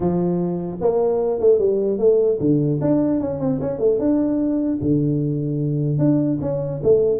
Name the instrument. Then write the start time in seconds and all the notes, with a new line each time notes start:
tuba
0.00 F3
0.81 A#3
1.39 A3
1.58 G3
1.98 A3
2.40 D3
2.81 D4
3.20 C#4
3.39 C4
3.61 C#4
3.79 A3
3.98 D4
4.81 D3
5.98 D4
6.41 C#4
6.83 A3